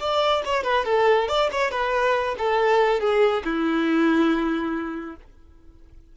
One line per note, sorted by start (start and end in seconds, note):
0.00 0.43 D5
0.45 0.64 C#5
0.64 0.85 B4
0.85 1.28 A4
1.28 1.50 D5
1.52 1.71 C#5
1.71 2.35 B4
2.38 3.00 A4
3.00 3.43 G#4
3.45 5.16 E4